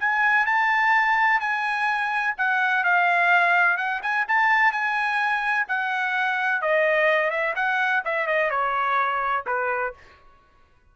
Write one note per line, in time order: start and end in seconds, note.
0.00 0.46 G#5
0.46 1.40 A5
1.40 2.35 G#5
2.38 2.85 F#5
2.85 3.78 F5
3.78 4.01 F#5
4.03 4.26 G#5
4.28 4.72 A5
4.72 5.67 G#5
5.69 6.62 F#5
6.62 7.31 D#5
7.31 7.54 E5
7.56 8.03 F#5
8.05 8.27 E5
8.27 8.51 D#5
8.51 9.45 C#5
9.47 9.94 B4